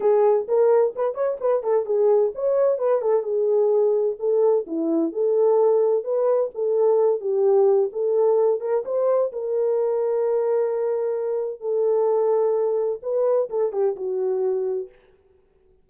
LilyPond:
\new Staff \with { instrumentName = "horn" } { \time 4/4 \tempo 4 = 129 gis'4 ais'4 b'8 cis''8 b'8 a'8 | gis'4 cis''4 b'8 a'8 gis'4~ | gis'4 a'4 e'4 a'4~ | a'4 b'4 a'4. g'8~ |
g'4 a'4. ais'8 c''4 | ais'1~ | ais'4 a'2. | b'4 a'8 g'8 fis'2 | }